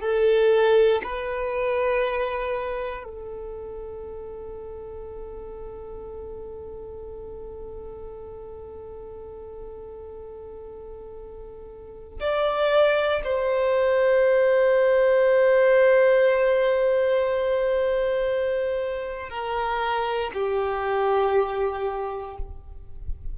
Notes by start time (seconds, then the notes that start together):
0.00 A4
1.03 B4
3.04 A4
12.20 D5
13.24 C5
19.29 A#4
20.33 G4